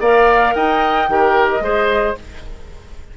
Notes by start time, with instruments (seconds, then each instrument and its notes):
0.00 bassoon A#3, clarinet A#4, oboe D5, flute F5
0.54 bassoon D#4, oboe D#5, flute G5
1.08 bassoon D#3, clarinet G4, oboe A#4
1.49 flute D#5
1.59 bassoon G#3, clarinet G#4, oboe C5